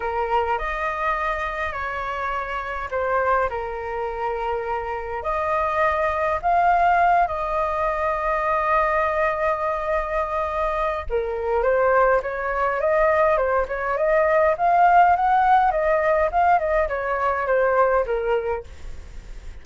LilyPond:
\new Staff \with { instrumentName = "flute" } { \time 4/4 \tempo 4 = 103 ais'4 dis''2 cis''4~ | cis''4 c''4 ais'2~ | ais'4 dis''2 f''4~ | f''8 dis''2.~ dis''8~ |
dis''2. ais'4 | c''4 cis''4 dis''4 c''8 cis''8 | dis''4 f''4 fis''4 dis''4 | f''8 dis''8 cis''4 c''4 ais'4 | }